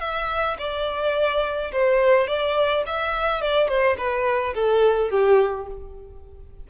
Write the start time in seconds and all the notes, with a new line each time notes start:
0.00 E5
0.58 D5
1.72 C5
2.27 D5
2.86 E5
3.41 D5
3.68 C5
3.97 B4
4.54 A4
5.10 G4